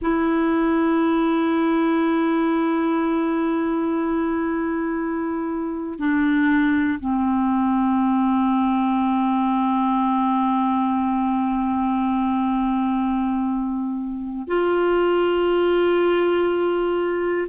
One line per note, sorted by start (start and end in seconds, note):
0.01 5.99 E4
5.99 6.99 D4
7.00 14.47 C4
14.47 17.47 F4